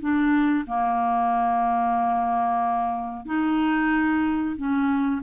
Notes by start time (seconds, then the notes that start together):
0.00 D4
0.67 A#3
3.26 D#4
4.57 C#4